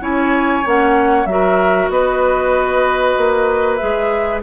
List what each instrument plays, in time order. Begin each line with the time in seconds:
0.00 bassoon C#4, clarinet E4, oboe C#5, flute G#5
0.64 bassoon A#3, clarinet C#4, flute F#5
1.25 bassoon F#3, clarinet F#4, flute E5
1.31 oboe A#4
1.89 bassoon B3, oboe B4, flute D#5
3.17 bassoon A#3
3.76 bassoon G#3, clarinet G#4, flute E5